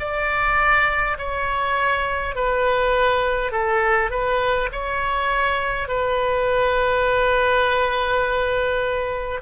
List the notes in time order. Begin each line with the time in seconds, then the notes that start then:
0.00 D5
1.18 C#5
2.35 B4
3.52 A4
4.11 B4
4.72 C#5
5.88 B4